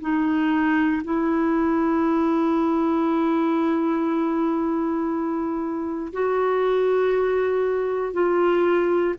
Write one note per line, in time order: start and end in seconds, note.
0.00 1.02 D#4
1.04 6.12 E4
6.12 8.13 F#4
8.13 9.15 F4